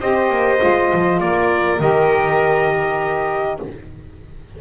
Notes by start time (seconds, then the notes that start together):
0.00 C4 G4 C5 D#5
0.30 A#3
0.58 G#3 F4
0.94 F3
1.19 A#3 A#4 D5
1.79 D#3 G4 D#5